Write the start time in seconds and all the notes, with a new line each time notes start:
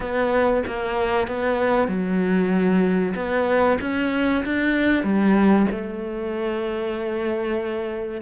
0.00 B3
0.66 A#3
1.27 B3
1.87 F#3
3.15 B3
3.80 C#4
4.44 D4
5.03 G3
5.71 A3